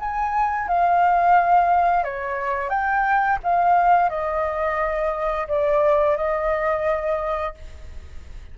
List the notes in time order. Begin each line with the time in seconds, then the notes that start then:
0.00 G#5
0.68 F5
2.04 C#5
2.70 G5
3.44 F5
4.10 D#5
5.48 D5
6.17 D#5